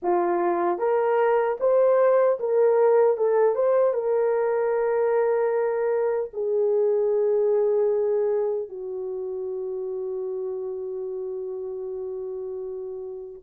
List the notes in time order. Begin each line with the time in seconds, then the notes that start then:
0.02 F4
0.78 A#4
1.60 C5
2.39 A#4
3.17 A4
3.55 C5
3.93 A#4
6.33 G#4
8.68 F#4